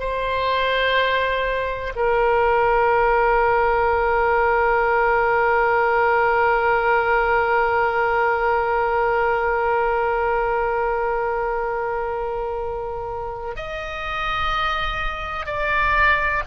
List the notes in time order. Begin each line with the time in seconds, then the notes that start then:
0.00 C5
1.96 A#4
13.56 D#5
15.46 D5